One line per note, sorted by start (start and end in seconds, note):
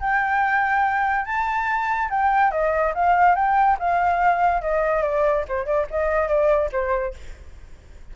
0.00 1.26 G5
1.26 2.10 A5
2.10 2.52 G5
2.52 2.94 D#5
2.94 3.36 F5
3.36 3.78 G5
3.79 4.62 F5
4.62 5.03 D#5
5.03 5.45 D5
5.49 5.66 C5
5.66 5.87 D5
5.91 6.28 D#5
6.28 6.70 D5
6.72 7.14 C5